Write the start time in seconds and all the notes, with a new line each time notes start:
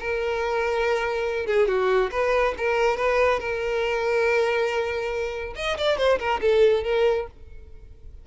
0.00 A#4
1.46 G#4
1.68 F#4
2.11 B4
2.58 A#4
2.97 B4
3.40 A#4
5.56 D#5
5.77 D5
5.97 C5
6.19 A#4
6.41 A4
6.84 A#4